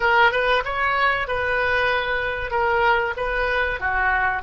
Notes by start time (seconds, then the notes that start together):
0.00 A#4
0.31 B4
0.64 C#5
1.27 B4
2.51 A#4
3.16 B4
3.80 F#4